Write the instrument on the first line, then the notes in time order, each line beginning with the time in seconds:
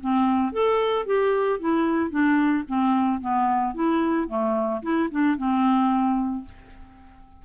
clarinet
0.00 C4
0.52 A4
1.06 G4
1.59 E4
2.10 D4
2.68 C4
3.20 B3
3.74 E4
4.28 A3
4.82 E4
5.11 D4
5.37 C4